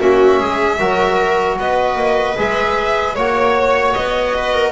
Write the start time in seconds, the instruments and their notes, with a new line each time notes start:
0.00 double bass A#3, trombone C#4, viola F#4, violin E5
0.39 double bass G#3, viola G#4
0.79 double bass F#3, trombone F#4, viola A#4
1.58 double bass B3, viola B4, violin D#5
1.95 double bass A#3
2.37 double bass G#3, trombone G#4, violin E5
3.15 double bass A#3, trombone F#4, violin C#5, viola C#5
3.94 double bass B3, violin D#5
4.37 viola B4
4.54 viola A#4